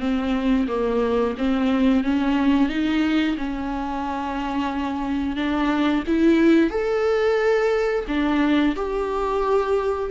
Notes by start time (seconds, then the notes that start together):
0.00 C4
0.68 A#3
1.38 C4
2.04 C#4
2.69 D#4
3.38 C#4
5.37 D4
6.08 E4
6.71 A4
8.08 D4
8.76 G4